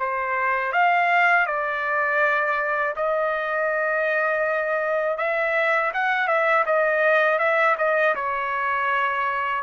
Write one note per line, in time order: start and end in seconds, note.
0.00 0.73 C5
0.73 1.47 F5
1.47 2.95 D5
2.96 5.18 D#5
5.18 5.92 E5
5.94 6.28 F#5
6.28 6.65 E5
6.66 7.39 D#5
7.39 7.76 E5
7.78 8.15 D#5
8.15 9.64 C#5